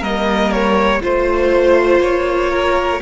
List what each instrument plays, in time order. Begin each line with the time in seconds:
0.00 cello G3, viola A#3, violin A#4 D#5
0.52 violin C#5
1.02 cello A3, viola F4, violin C5
1.99 cello A#3, violin C#5
2.50 violin A#4